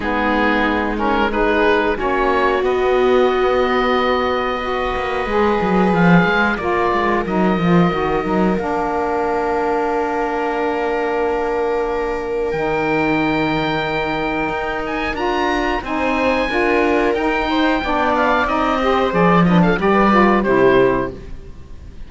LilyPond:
<<
  \new Staff \with { instrumentName = "oboe" } { \time 4/4 \tempo 4 = 91 gis'4. ais'8 b'4 cis''4 | dis''1~ | dis''4 f''4 d''4 dis''4~ | dis''4 f''2.~ |
f''2. g''4~ | g''2~ g''8 gis''8 ais''4 | gis''2 g''4. f''8 | dis''4 d''8 dis''16 f''16 d''4 c''4 | }
  \new Staff \with { instrumentName = "viola" } { \time 4/4 dis'2 gis'4 fis'4~ | fis'2. b'4~ | b'2 ais'2~ | ais'1~ |
ais'1~ | ais'1 | c''4 ais'4. c''8 d''4~ | d''8 c''4 b'16 a'16 b'4 g'4 | }
  \new Staff \with { instrumentName = "saxophone" } { \time 4/4 b4. cis'8 dis'4 cis'4 | b2. fis'4 | gis'2 f'4 dis'8 f'8 | fis'8 dis'8 d'2.~ |
d'2. dis'4~ | dis'2. f'4 | dis'4 f'4 dis'4 d'4 | dis'8 g'8 gis'8 d'8 g'8 f'8 e'4 | }
  \new Staff \with { instrumentName = "cello" } { \time 4/4 gis2. ais4 | b2.~ b8 ais8 | gis8 fis8 f8 gis8 ais8 gis8 fis8 f8 | dis8 fis8 ais2.~ |
ais2. dis4~ | dis2 dis'4 d'4 | c'4 d'4 dis'4 b4 | c'4 f4 g4 c4 | }
>>